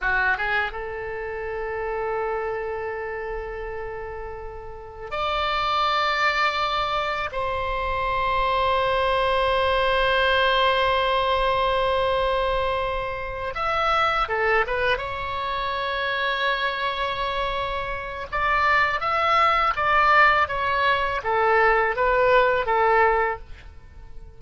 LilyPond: \new Staff \with { instrumentName = "oboe" } { \time 4/4 \tempo 4 = 82 fis'8 gis'8 a'2.~ | a'2. d''4~ | d''2 c''2~ | c''1~ |
c''2~ c''8 e''4 a'8 | b'8 cis''2.~ cis''8~ | cis''4 d''4 e''4 d''4 | cis''4 a'4 b'4 a'4 | }